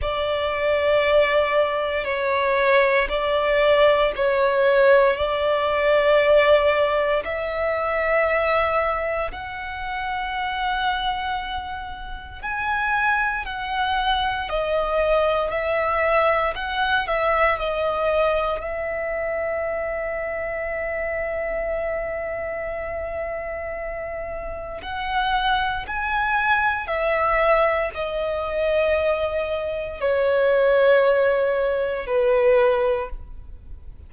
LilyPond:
\new Staff \with { instrumentName = "violin" } { \time 4/4 \tempo 4 = 58 d''2 cis''4 d''4 | cis''4 d''2 e''4~ | e''4 fis''2. | gis''4 fis''4 dis''4 e''4 |
fis''8 e''8 dis''4 e''2~ | e''1 | fis''4 gis''4 e''4 dis''4~ | dis''4 cis''2 b'4 | }